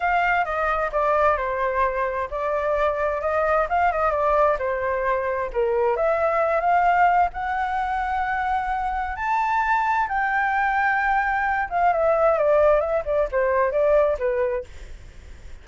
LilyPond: \new Staff \with { instrumentName = "flute" } { \time 4/4 \tempo 4 = 131 f''4 dis''4 d''4 c''4~ | c''4 d''2 dis''4 | f''8 dis''8 d''4 c''2 | ais'4 e''4. f''4. |
fis''1 | a''2 g''2~ | g''4. f''8 e''4 d''4 | e''8 d''8 c''4 d''4 b'4 | }